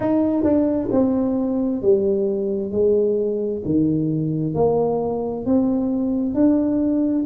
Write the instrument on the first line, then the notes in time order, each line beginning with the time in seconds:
tuba
0.00 D#4
0.43 D4
0.91 C4
1.82 G3
2.71 G#3
3.65 D#3
4.54 A#3
5.45 C4
6.34 D4